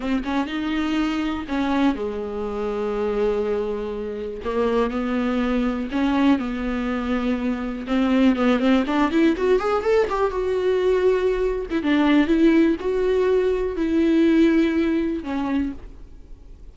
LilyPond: \new Staff \with { instrumentName = "viola" } { \time 4/4 \tempo 4 = 122 c'8 cis'8 dis'2 cis'4 | gis1~ | gis4 ais4 b2 | cis'4 b2. |
c'4 b8 c'8 d'8 e'8 fis'8 gis'8 | a'8 g'8 fis'2~ fis'8. e'16 | d'4 e'4 fis'2 | e'2. cis'4 | }